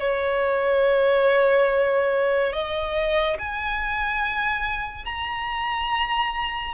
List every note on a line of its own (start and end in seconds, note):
0.00 2.53 C#5
2.53 3.37 D#5
3.39 5.05 G#5
5.05 6.74 A#5